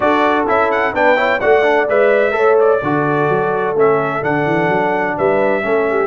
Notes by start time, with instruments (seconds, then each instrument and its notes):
0.00 tuba D4, trombone F#4, horn A4, trumpet D5
0.47 tuba C#4, trombone E4, trumpet E5
0.71 trumpet F#5
0.93 tuba B3, trombone D4, horn B4, trumpet G5
1.16 trombone E4, horn C#5
1.40 tuba A3, trombone F#4, horn D5, trumpet F#5
1.62 trombone D4
1.89 tuba G#3, trombone B4, trumpet E5
2.31 tuba A3, trombone A4, horn C#5
2.59 trumpet D5
2.82 tuba D3, trombone F#4, horn A4
3.29 tuba F#3
3.74 tuba A3, trombone C#4, trumpet E5
4.21 tuba D3, trombone D4, trumpet F#5
4.45 tuba E3
4.68 tuba F#3
5.16 tuba G3, horn B4, trumpet E5
5.62 tuba A3, trombone C#4, horn A4
5.90 horn G4